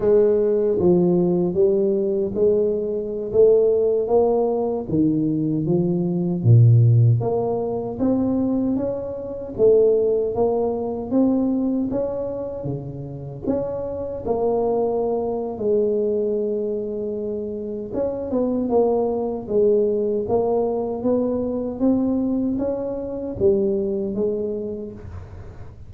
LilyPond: \new Staff \with { instrumentName = "tuba" } { \time 4/4 \tempo 4 = 77 gis4 f4 g4 gis4~ | gis16 a4 ais4 dis4 f8.~ | f16 ais,4 ais4 c'4 cis'8.~ | cis'16 a4 ais4 c'4 cis'8.~ |
cis'16 cis4 cis'4 ais4.~ ais16 | gis2. cis'8 b8 | ais4 gis4 ais4 b4 | c'4 cis'4 g4 gis4 | }